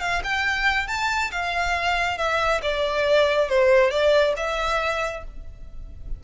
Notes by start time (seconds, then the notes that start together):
0.00 F5
0.23 G5
0.87 A5
1.31 F5
2.17 E5
2.62 D5
3.49 C5
3.90 D5
4.36 E5